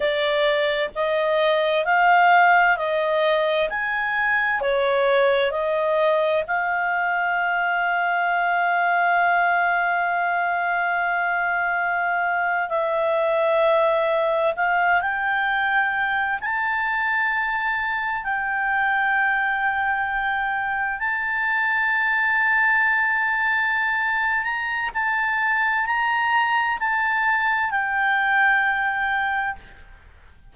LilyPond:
\new Staff \with { instrumentName = "clarinet" } { \time 4/4 \tempo 4 = 65 d''4 dis''4 f''4 dis''4 | gis''4 cis''4 dis''4 f''4~ | f''1~ | f''4.~ f''16 e''2 f''16~ |
f''16 g''4. a''2 g''16~ | g''2~ g''8. a''4~ a''16~ | a''2~ a''8 ais''8 a''4 | ais''4 a''4 g''2 | }